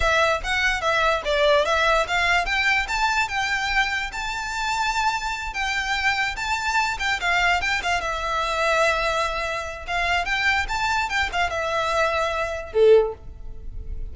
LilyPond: \new Staff \with { instrumentName = "violin" } { \time 4/4 \tempo 4 = 146 e''4 fis''4 e''4 d''4 | e''4 f''4 g''4 a''4 | g''2 a''2~ | a''4. g''2 a''8~ |
a''4 g''8 f''4 g''8 f''8 e''8~ | e''1 | f''4 g''4 a''4 g''8 f''8 | e''2. a'4 | }